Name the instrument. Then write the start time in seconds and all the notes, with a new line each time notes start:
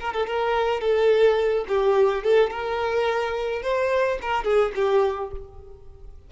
violin
0.00 A#4
0.13 A4
0.27 A#4
0.81 A4
1.68 G4
2.24 A4
2.51 A#4
3.62 C5
4.22 A#4
4.44 G#4
4.75 G4